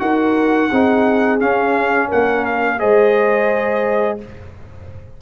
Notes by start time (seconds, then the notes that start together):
0.00 D#4 F#4 A#4 F#5
0.71 C4 D#4 G#4
1.40 C#4 F5
2.08 A#3 A#4 F#5
2.46 F5
2.79 G#3 G#4 C5 D#5